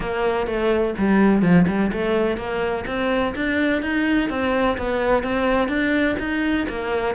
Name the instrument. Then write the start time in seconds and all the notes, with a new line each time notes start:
cello
0.00 A#3
0.46 A3
0.98 G3
1.42 F3
1.67 G3
1.92 A3
2.37 A#3
2.87 C4
3.35 D4
3.82 D#4
4.29 C4
4.77 B3
5.23 C4
5.68 D4
6.19 D#4
6.68 A#3